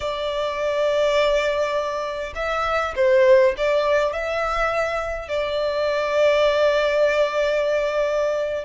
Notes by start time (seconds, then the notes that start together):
0.00 D5
2.35 E5
2.95 C5
3.57 D5
4.12 E5
5.28 D5